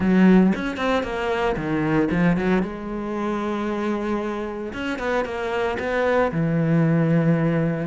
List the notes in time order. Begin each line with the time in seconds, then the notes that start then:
0.00 F#3
0.54 C#4
0.76 C4
1.03 A#3
1.56 D#3
2.11 F3
2.36 F#3
2.62 G#3
4.73 C#4
4.98 B3
5.24 A#3
5.79 B3
6.32 E3